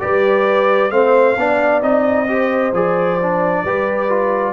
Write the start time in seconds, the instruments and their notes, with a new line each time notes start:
0.00 tuba G3, trombone G4, horn B4, trumpet D5
0.90 tuba A3, trombone C4, horn C5, trumpet F5
1.38 tuba B3, trombone D4, horn D5
1.82 tuba C4, trombone D#4, trumpet D#5
2.28 trombone G4, horn C5
2.73 tuba F3, trombone G#4, trumpet D5
3.23 trombone D4
3.64 tuba G3, trombone G4, horn B4
4.10 trombone F4